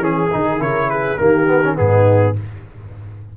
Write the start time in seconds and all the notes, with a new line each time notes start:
0.00 E3 C#4 G#4
0.31 D#3 D#4
0.59 C#3 E4 A#4 C#5
0.90 G#4 B4
1.18 D#3 A#3 G4 A#4
1.47 B3
1.64 C#4
1.76 G#2 B3 D#4 G#4